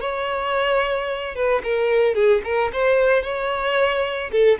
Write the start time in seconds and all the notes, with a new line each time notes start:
0.00 C#5
1.35 B4
1.63 A#4
2.14 G#4
2.44 A#4
2.73 C5
3.23 C#5
4.31 A4